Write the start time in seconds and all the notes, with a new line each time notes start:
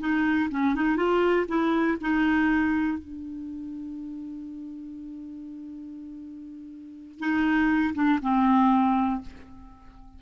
0.00 D#4
0.51 C#4
0.76 D#4
0.97 F4
1.49 E4
2.01 D#4
2.99 D4
7.20 D#4
7.95 D4
8.23 C4